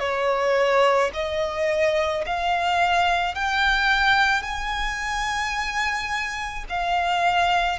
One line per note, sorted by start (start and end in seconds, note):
0.00 1.11 C#5
1.14 2.25 D#5
2.26 3.35 F5
3.35 4.43 G5
4.43 6.65 G#5
6.70 7.79 F5